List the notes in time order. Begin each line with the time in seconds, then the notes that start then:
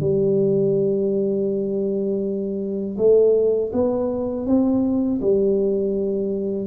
0.00 G3
2.97 A3
3.72 B3
4.46 C4
5.21 G3